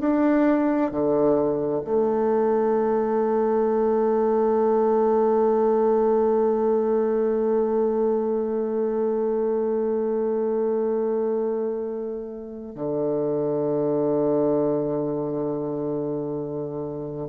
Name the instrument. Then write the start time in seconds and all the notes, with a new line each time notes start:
bassoon
0.00 D4
0.91 D3
1.84 A3
12.75 D3